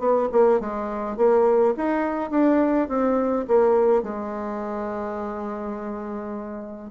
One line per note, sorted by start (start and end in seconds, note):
0.00 0.29 B3
0.33 0.60 A#3
0.60 1.17 G#3
1.17 1.75 A#3
1.77 2.31 D#4
2.31 2.89 D4
2.89 3.47 C4
3.48 4.03 A#3
4.03 6.92 G#3